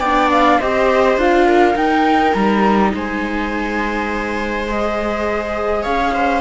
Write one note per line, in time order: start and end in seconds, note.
0.00 0.59 B3
0.00 0.62 D4
0.00 0.58 D5
0.00 0.30 G5
0.31 0.60 F5
0.59 1.17 C4
0.59 1.19 G4
0.59 1.46 C5
0.59 1.18 D#5
1.17 1.75 D4
1.17 1.74 F4
1.17 1.77 F5
1.46 2.92 A#4
1.74 4.66 D#4
1.74 2.34 D#4
1.74 2.34 G5
2.34 2.93 G3
2.34 2.92 A#5
2.94 5.85 G#3
2.94 5.83 C5
2.94 4.69 G#5
4.68 6.42 G#4
4.68 5.83 D#5
5.83 6.42 C#4
5.83 6.12 C#5
5.83 6.42 F5
6.14 6.42 C5